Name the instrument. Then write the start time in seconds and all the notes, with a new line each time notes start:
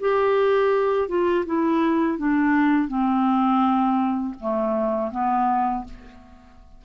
clarinet
0.00 G4
1.08 F4
1.46 E4
2.18 D4
2.88 C4
4.40 A3
5.11 B3